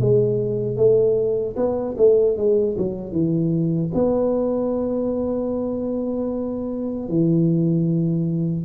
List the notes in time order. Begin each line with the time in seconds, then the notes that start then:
0.00 G#3
0.77 A3
1.56 B3
1.97 A3
2.37 G#3
2.78 F#3
3.12 E3
3.94 B3
7.08 E3